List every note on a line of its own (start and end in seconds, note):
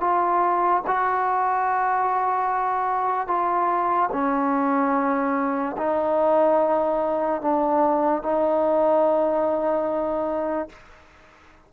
0.00 0.82 F4
0.87 3.27 F#4
3.27 4.09 F4
4.12 5.76 C#4
5.77 7.41 D#4
7.41 8.22 D4
8.22 10.69 D#4